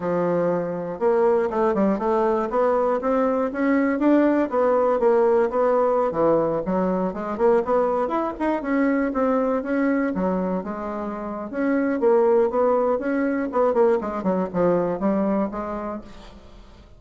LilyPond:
\new Staff \with { instrumentName = "bassoon" } { \time 4/4 \tempo 4 = 120 f2 ais4 a8 g8 | a4 b4 c'4 cis'4 | d'4 b4 ais4 b4~ | b16 e4 fis4 gis8 ais8 b8.~ |
b16 e'8 dis'8 cis'4 c'4 cis'8.~ | cis'16 fis4 gis4.~ gis16 cis'4 | ais4 b4 cis'4 b8 ais8 | gis8 fis8 f4 g4 gis4 | }